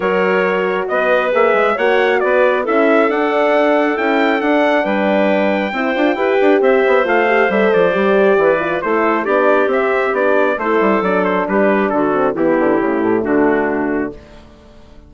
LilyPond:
<<
  \new Staff \with { instrumentName = "trumpet" } { \time 4/4 \tempo 4 = 136 cis''2 dis''4 e''4 | fis''4 d''4 e''4 fis''4~ | fis''4 g''4 fis''4 g''4~ | g''2. e''4 |
f''4 e''8 d''2~ d''8 | c''4 d''4 e''4 d''4 | c''4 d''8 c''8 b'4 a'4 | g'2 fis'2 | }
  \new Staff \with { instrumentName = "clarinet" } { \time 4/4 ais'2 b'2 | cis''4 b'4 a'2~ | a'2. b'4~ | b'4 c''4 b'4 c''4~ |
c''2. b'4 | a'4 g'2. | a'2 g'4 fis'4 | e'2 d'2 | }
  \new Staff \with { instrumentName = "horn" } { \time 4/4 fis'2. gis'4 | fis'2 e'4 d'4~ | d'4 e'4 d'2~ | d'4 e'8 f'8 g'2 |
f'8 g'8 a'4 g'4. f'8 | e'4 d'4 c'4 d'4 | e'4 d'2~ d'8 c'8 | b4 a2. | }
  \new Staff \with { instrumentName = "bassoon" } { \time 4/4 fis2 b4 ais8 gis8 | ais4 b4 cis'4 d'4~ | d'4 cis'4 d'4 g4~ | g4 c'8 d'8 e'8 d'8 c'8 b8 |
a4 g8 f8 g4 e4 | a4 b4 c'4 b4 | a8 g8 fis4 g4 d4 | e8 d8 cis8 a,8 d2 | }
>>